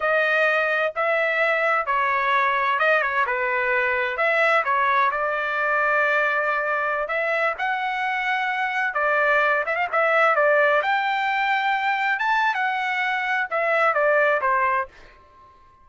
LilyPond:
\new Staff \with { instrumentName = "trumpet" } { \time 4/4 \tempo 4 = 129 dis''2 e''2 | cis''2 dis''8 cis''8 b'4~ | b'4 e''4 cis''4 d''4~ | d''2.~ d''16 e''8.~ |
e''16 fis''2. d''8.~ | d''8. e''16 f''16 e''4 d''4 g''8.~ | g''2~ g''16 a''8. fis''4~ | fis''4 e''4 d''4 c''4 | }